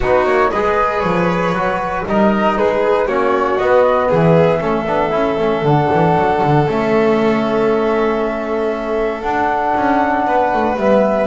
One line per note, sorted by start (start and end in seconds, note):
0.00 0.25 B3
0.00 0.53 D#4
0.00 0.50 F#4
0.00 0.25 B4
0.25 0.51 A#3
0.25 0.50 C#5
0.50 1.03 G#3
0.50 1.55 G#4
0.50 2.05 B4
0.50 0.99 D#5
0.99 1.52 F3
0.99 2.02 C#5
1.52 2.03 F#3
1.52 2.06 F#4
2.06 2.57 G3
2.06 3.09 D#4
2.06 2.58 A#4
2.06 2.57 D#5
2.57 3.07 G#3
2.57 3.07 G#4
2.57 3.07 B4
3.07 3.58 A#3
3.07 3.60 C#4
3.07 4.08 F#4
3.07 3.58 C#5
3.58 4.10 B3
3.58 4.60 B3
3.58 4.09 D#5
4.08 4.62 E3
4.08 4.59 G#4
4.08 5.66 E5
4.60 4.86 A3
4.60 4.85 C#4
4.60 10.25 A4
4.86 5.12 B3
4.86 5.10 D4
5.10 5.37 C#4
5.10 5.35 E4
5.37 5.61 A3
5.37 5.64 C#4
5.61 5.87 D3
5.61 6.66 D4
5.61 6.69 F#5
5.93 6.15 E3
6.15 6.41 F#3
6.42 6.68 D3
6.67 9.22 A3
6.67 9.23 C#4
6.67 9.22 E5
9.22 9.73 D4
9.22 10.76 D4
9.22 10.76 F#5
9.76 10.26 C#4
10.26 10.52 B3
10.26 11.26 B4
10.53 10.76 A3
10.76 11.26 G3
10.76 11.26 B3
10.76 11.26 E5